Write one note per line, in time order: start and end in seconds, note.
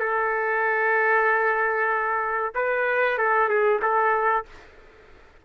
0.00 2.53 A4
2.55 3.18 B4
3.18 3.49 A4
3.49 3.80 G#4
3.82 4.45 A4